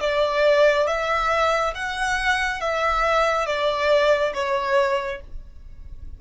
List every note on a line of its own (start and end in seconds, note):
0.00 0.87 D5
0.87 1.74 E5
1.74 2.60 F#5
2.60 3.46 E5
3.46 4.33 D5
4.34 5.21 C#5